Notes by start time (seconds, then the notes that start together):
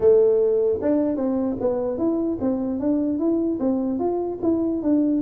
0.00 A3
0.81 D4
1.16 C4
1.60 B3
1.97 E4
2.40 C4
2.79 D4
3.18 E4
3.59 C4
3.99 F4
4.42 E4
4.82 D4